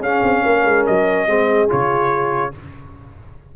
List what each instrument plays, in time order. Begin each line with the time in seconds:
0.00 tuba C#4, trombone C#4, horn G#4, trumpet F5
0.22 tuba C4
0.44 tuba A#3, horn A#4
0.64 tuba G#3
0.86 tuba F#3, trumpet D#5
1.26 tuba G#3, trombone C4, horn G#4
1.68 tuba C#3, trombone F4, trumpet C#5